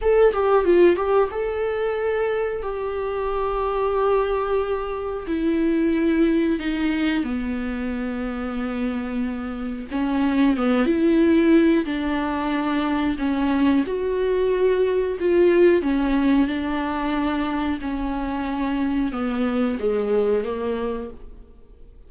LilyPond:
\new Staff \with { instrumentName = "viola" } { \time 4/4 \tempo 4 = 91 a'8 g'8 f'8 g'8 a'2 | g'1 | e'2 dis'4 b4~ | b2. cis'4 |
b8 e'4. d'2 | cis'4 fis'2 f'4 | cis'4 d'2 cis'4~ | cis'4 b4 gis4 ais4 | }